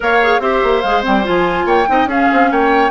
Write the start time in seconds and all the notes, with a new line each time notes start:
0.00 A#3 A#4 C#5 F5
0.22 G#4
0.39 C4 G4 C5 E5
0.63 A#3
0.81 G#3 G#4 F5
1.02 G3 C4 G5
1.23 F3 F4 G#5
1.65 A#3 C#5 G5
1.87 C4 D#4 D#5
2.05 C#4 G#4 F5
2.32 C4
2.51 A#3 C#5 G5